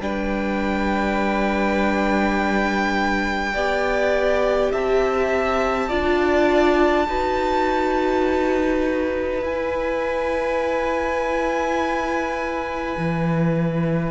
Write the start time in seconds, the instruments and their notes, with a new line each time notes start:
0.00 cello G3, viola D4, violin B4 G5
3.54 cello B3, viola G4, violin D5
4.71 cello C4, violin E5 A5
5.89 cello D4, viola F4, violin D5
7.08 cello D#4, viola F#4, violin B4
9.42 cello E4, viola E4, violin G#5
12.97 cello E3